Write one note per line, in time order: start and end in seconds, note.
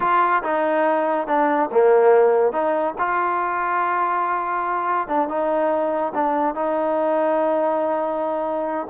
0.00 0.42 F4
0.43 1.27 D#4
1.27 1.69 D4
1.71 2.52 A#3
2.52 2.94 D#4
2.98 5.08 F4
5.08 5.28 D4
5.28 6.12 D#4
6.14 6.54 D4
6.54 8.87 D#4